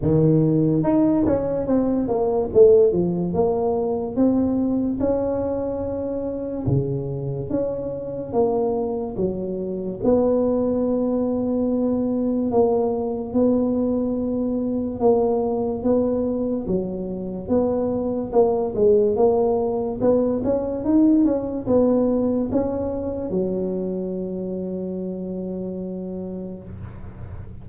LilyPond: \new Staff \with { instrumentName = "tuba" } { \time 4/4 \tempo 4 = 72 dis4 dis'8 cis'8 c'8 ais8 a8 f8 | ais4 c'4 cis'2 | cis4 cis'4 ais4 fis4 | b2. ais4 |
b2 ais4 b4 | fis4 b4 ais8 gis8 ais4 | b8 cis'8 dis'8 cis'8 b4 cis'4 | fis1 | }